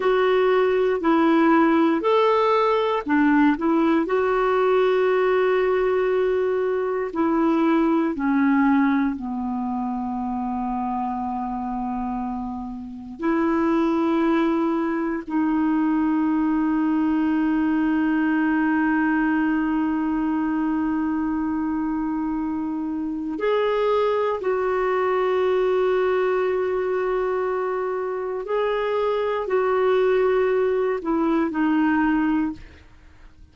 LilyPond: \new Staff \with { instrumentName = "clarinet" } { \time 4/4 \tempo 4 = 59 fis'4 e'4 a'4 d'8 e'8 | fis'2. e'4 | cis'4 b2.~ | b4 e'2 dis'4~ |
dis'1~ | dis'2. gis'4 | fis'1 | gis'4 fis'4. e'8 dis'4 | }